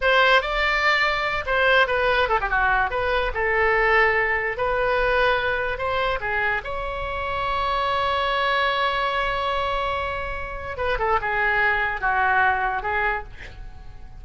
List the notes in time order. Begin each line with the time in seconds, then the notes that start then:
0.01 C5
0.41 D5
1.46 C5
1.87 B4
2.28 A4
2.40 G4
2.49 F#4
2.90 B4
3.34 A4
4.57 B4
5.77 C5
6.20 G#4
6.64 C#5
10.77 B4
10.99 A4
11.21 G#4
12.00 F#4
12.82 G#4